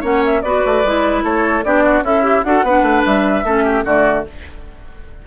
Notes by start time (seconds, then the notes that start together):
0.00 A#3 C#4 C#5 F#5
0.25 E5
0.41 B3 F#4 B4 D5
0.65 A3
0.84 G#3 E4
1.23 A3 A4 C#5
1.63 B3 D4 G4 D5
1.83 F#4
2.01 C#4 E4 A4 E5
2.22 G4
2.43 D4 F#4 A4 F#5
2.62 B3 D4 B4
2.82 A3
3.05 G3 E5
3.44 A3 C#4 A4
3.63 G4
3.84 D3 A3 F#4 D5